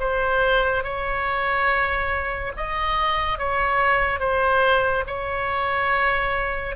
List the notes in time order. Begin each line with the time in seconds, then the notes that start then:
0.00 C5
0.84 C#5
2.57 D#5
3.39 C#5
4.20 C5
5.07 C#5